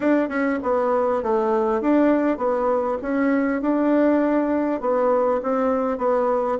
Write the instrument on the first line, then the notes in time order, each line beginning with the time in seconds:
bassoon
0.00 D4
0.28 C#4
0.62 B3
1.22 A3
1.81 D4
2.37 B3
3.02 C#4
3.61 D4
4.81 B3
5.42 C4
5.98 B3